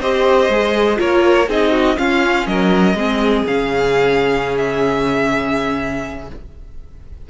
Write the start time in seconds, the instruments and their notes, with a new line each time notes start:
0.00 cello C4, viola G4, violin C5 D#5
0.49 cello G#3, viola G#4
0.96 cello A#3, viola F4, violin A#4 C#5
1.48 cello C4, viola D#4, violin G#4 D#5
1.72 violin F#4
1.97 viola C#4, cello C#4, violin F4 F5
2.47 cello F#3, violin A#4 D#5
2.95 cello G#3, viola C4, violin G#4
3.47 cello C#3, viola C#4, violin F5
4.57 violin E5